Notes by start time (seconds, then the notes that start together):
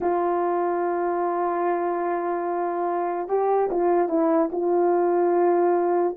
0.01 F4
3.28 G4
3.70 F4
4.08 E4
4.52 F4